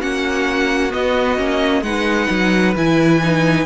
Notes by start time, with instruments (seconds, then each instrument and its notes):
0.00 cello A#3, viola C#4, violin F#4 F#5
0.91 viola B3, cello B3, violin D#5
1.37 cello A#3, viola C#4
1.82 cello G#3, viola D#4, violin B4 F#5
2.30 cello F#3
2.76 cello E3, viola E4, violin G#5
3.23 viola D#4